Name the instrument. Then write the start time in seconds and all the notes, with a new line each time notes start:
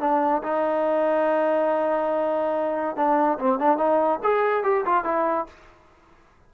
trombone
0.00 D4
0.43 D#4
2.96 D4
3.38 C4
3.59 D4
3.77 D#4
4.23 G#4
4.63 G4
4.85 F4
5.04 E4